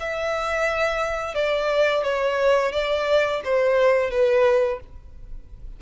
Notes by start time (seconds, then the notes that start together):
0.00 E5
1.35 D5
2.04 C#5
2.72 D5
3.44 C5
4.11 B4